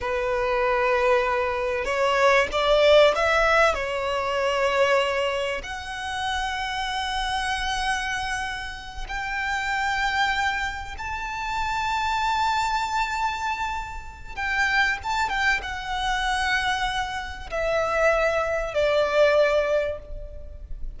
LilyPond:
\new Staff \with { instrumentName = "violin" } { \time 4/4 \tempo 4 = 96 b'2. cis''4 | d''4 e''4 cis''2~ | cis''4 fis''2.~ | fis''2~ fis''8 g''4.~ |
g''4. a''2~ a''8~ | a''2. g''4 | a''8 g''8 fis''2. | e''2 d''2 | }